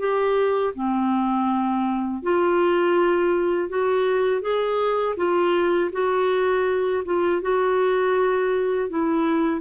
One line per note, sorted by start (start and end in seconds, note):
0.00 0.74 G4
0.75 2.23 C4
2.23 3.69 F4
3.69 4.42 F#4
4.42 5.16 G#4
5.17 5.91 F4
5.93 7.04 F#4
7.05 7.42 F4
7.42 8.90 F#4
8.90 9.61 E4